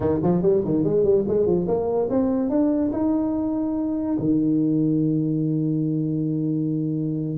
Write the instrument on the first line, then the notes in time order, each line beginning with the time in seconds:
tuba
0.00 D#3
0.22 F3
0.42 G3
0.65 D#3
0.83 G#3
1.03 G3
1.27 G#3
1.46 F3
1.67 A#3
2.10 C4
2.49 D4
2.92 D#4
4.18 D#3